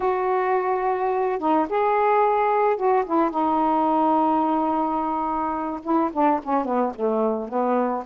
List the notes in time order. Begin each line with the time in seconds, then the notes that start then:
0.00 F#4
1.38 D#4
1.69 G#4
2.76 F#4
3.05 E4
3.30 D#4
5.82 E4
6.12 D4
6.43 C#4
6.65 B3
6.95 A3
7.48 B3